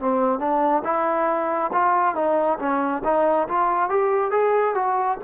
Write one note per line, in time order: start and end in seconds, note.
0.00 0.39 C4
0.39 0.83 D4
0.85 1.72 E4
1.73 2.15 F4
2.15 2.58 D#4
2.59 3.03 C#4
3.05 3.48 D#4
3.49 3.90 F4
3.90 4.31 G4
4.31 4.75 G#4
4.75 5.18 F#4